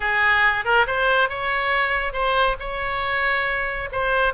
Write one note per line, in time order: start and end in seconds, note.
0.00 0.64 G#4
0.64 0.86 A#4
0.86 1.29 C5
1.29 2.12 C#5
2.12 2.56 C5
2.59 3.89 C#5
3.92 4.33 C5